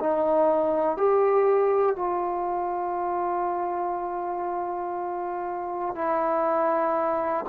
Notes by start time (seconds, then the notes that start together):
0.00 D#4
0.97 G4
1.95 F4
5.95 E4